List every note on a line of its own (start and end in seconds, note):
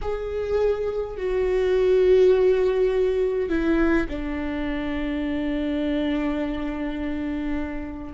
0.01 1.17 G#4
1.17 3.49 F#4
3.49 4.07 E4
4.08 8.13 D4